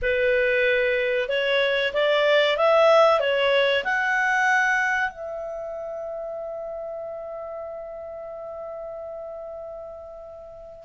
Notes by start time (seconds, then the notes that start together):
0.02 B4
1.29 C#5
1.93 D5
2.57 E5
3.20 C#5
3.84 F#5
5.10 E5